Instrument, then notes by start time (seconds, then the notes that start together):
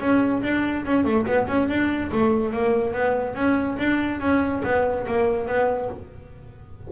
double bass
0.00 C#4
0.43 D4
0.86 C#4
1.05 A3
1.26 B3
1.47 C#4
1.68 D4
2.12 A3
2.53 A#3
2.94 B3
3.35 C#4
3.78 D4
4.20 C#4
4.64 B3
5.07 A#3
5.48 B3